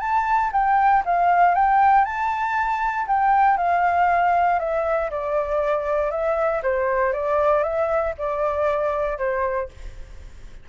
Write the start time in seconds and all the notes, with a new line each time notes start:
0.00 A5
0.52 G5
1.05 F5
1.55 G5
2.05 A5
3.07 G5
3.57 F5
4.59 E5
5.10 D5
6.11 E5
6.63 C5
7.13 D5
7.63 E5
8.18 D5
9.18 C5